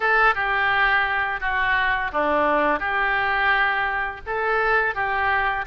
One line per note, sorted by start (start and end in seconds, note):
0.00 0.34 A4
0.34 1.40 G4
1.40 2.11 F#4
2.12 2.79 D4
2.79 4.20 G4
4.26 4.94 A4
4.94 5.65 G4